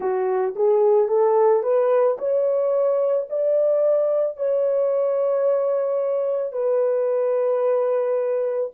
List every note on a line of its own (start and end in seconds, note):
0.00 0.55 F#4
0.55 1.08 G#4
1.08 1.62 A4
1.62 2.17 B4
2.18 3.27 C#5
3.29 4.36 D5
4.36 6.52 C#5
6.52 8.70 B4